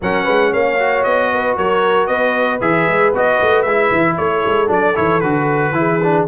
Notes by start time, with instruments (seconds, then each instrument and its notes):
0.01 tuba F#3, trombone C#4, horn A#4, trumpet F#5
0.24 tuba G#3, horn B4
0.52 tuba A#3, horn C#5, trumpet F5
0.78 trombone F#4
1.03 tuba B3, trumpet D#5
1.33 horn B4
1.57 tuba F#3, horn A#4, trumpet C#5
2.07 tuba B3, horn B4, trumpet D#5
2.60 tuba E3, trombone G#4, trumpet E5
2.87 tuba G#3
3.13 tuba B3, trombone F#4, trumpet D#5
3.41 tuba A3
3.62 tuba G#3, trombone E4, trumpet E5
3.92 tuba E3
4.17 tuba A3, horn A4, trumpet C#5
4.46 tuba G#3
4.67 tuba F#3, trombone D4, trumpet D5
4.95 tuba E3, trombone E4, trumpet C#5
5.20 tuba D3, trombone F#4, trumpet B4
5.71 tuba E3, trombone E4, horn G#4
6.03 trombone D4